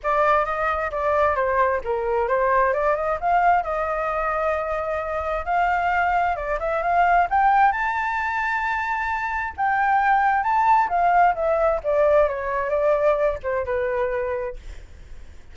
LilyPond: \new Staff \with { instrumentName = "flute" } { \time 4/4 \tempo 4 = 132 d''4 dis''4 d''4 c''4 | ais'4 c''4 d''8 dis''8 f''4 | dis''1 | f''2 d''8 e''8 f''4 |
g''4 a''2.~ | a''4 g''2 a''4 | f''4 e''4 d''4 cis''4 | d''4. c''8 b'2 | }